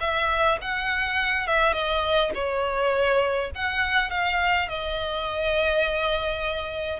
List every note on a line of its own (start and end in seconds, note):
0.00 0.58 E5
0.61 1.47 F#5
1.47 1.73 E5
1.73 2.31 D#5
2.35 3.51 C#5
3.55 4.10 F#5
4.10 4.68 F5
4.68 7.00 D#5